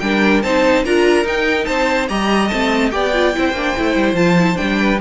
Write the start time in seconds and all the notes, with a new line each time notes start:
0.00 G3 D4 A#4 G5
0.42 C4 D#4 C5 A5
0.85 D4 F4 A#4 A#5
1.24 D#4 G5
1.65 C4 C5 A5
2.09 G3 G4 D#5 A#5
2.48 A3 C4 A5
2.91 B3 G4 D5 G5
3.13 F4
3.34 C4 E4 C5
3.52 A#3 D4
3.76 A3 E4
3.96 G3
4.14 F3 F4 A5
4.38 E4
4.55 G3 D4 G5
4.80 B4